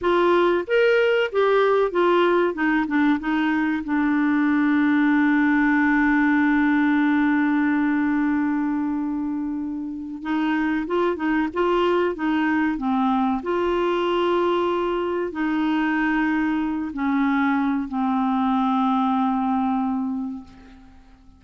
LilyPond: \new Staff \with { instrumentName = "clarinet" } { \time 4/4 \tempo 4 = 94 f'4 ais'4 g'4 f'4 | dis'8 d'8 dis'4 d'2~ | d'1~ | d'1 |
dis'4 f'8 dis'8 f'4 dis'4 | c'4 f'2. | dis'2~ dis'8 cis'4. | c'1 | }